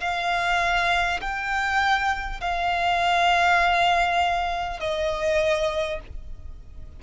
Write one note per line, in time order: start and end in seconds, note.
0.00 1.20 F5
1.21 2.41 G5
2.41 4.79 F5
4.79 5.99 D#5